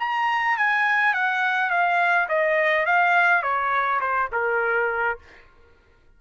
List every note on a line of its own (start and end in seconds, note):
0.00 0.58 A#5
0.58 1.14 G#5
1.14 1.70 F#5
1.70 2.28 F5
2.29 2.86 D#5
2.86 3.43 F5
3.43 4.01 C#5
4.01 4.30 C5
4.33 5.19 A#4